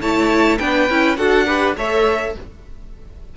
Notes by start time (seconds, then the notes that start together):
0.00 A3 E4 C#5 A5
0.58 B3 D4 B4 G5
0.89 C#4 E4
1.16 D4 F#4 A4 F#5
1.46 G4 B4
1.76 A3 A4 C#5 E5